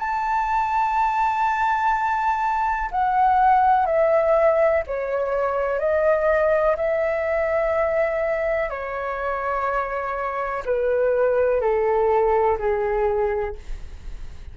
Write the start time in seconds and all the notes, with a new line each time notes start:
0.00 A5
2.92 F#5
3.87 E5
4.87 C#5
5.80 D#5
6.77 E5
8.70 C#5
10.65 B4
11.61 A4
12.59 G#4